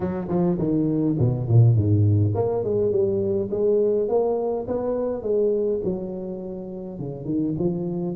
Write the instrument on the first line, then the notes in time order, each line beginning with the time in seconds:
tuba
0.00 F#3
0.28 F3
0.58 D#3
1.18 B2
1.47 A#2
1.75 G#2
2.35 A#3
2.64 G#3
2.91 G3
3.50 G#3
4.08 A#3
4.67 B3
5.22 G#3
5.84 F#3
6.99 C#3
7.25 D#3
7.58 F3